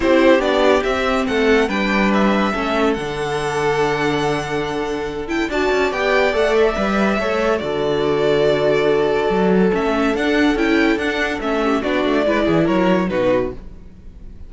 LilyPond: <<
  \new Staff \with { instrumentName = "violin" } { \time 4/4 \tempo 4 = 142 c''4 d''4 e''4 fis''4 | g''4 e''2 fis''4~ | fis''1~ | fis''8 g''8 a''4 g''4 fis''8 e''8~ |
e''2 d''2~ | d''2. e''4 | fis''4 g''4 fis''4 e''4 | d''2 cis''4 b'4 | }
  \new Staff \with { instrumentName = "violin" } { \time 4/4 g'2. a'4 | b'2 a'2~ | a'1~ | a'4 d''2.~ |
d''4 cis''4 a'2~ | a'1~ | a'2.~ a'8 g'8 | fis'4 b'8 gis'8 ais'4 fis'4 | }
  \new Staff \with { instrumentName = "viola" } { \time 4/4 e'4 d'4 c'2 | d'2 cis'4 d'4~ | d'1~ | d'8 e'8 fis'4 g'4 a'4 |
b'4 a'4 fis'2~ | fis'2. cis'4 | d'4 e'4 d'4 cis'4 | d'4 e'2 dis'4 | }
  \new Staff \with { instrumentName = "cello" } { \time 4/4 c'4 b4 c'4 a4 | g2 a4 d4~ | d1~ | d4 d'8 cis'8 b4 a4 |
g4 a4 d2~ | d2 fis4 a4 | d'4 cis'4 d'4 a4 | b8 a8 gis8 e8 fis4 b,4 | }
>>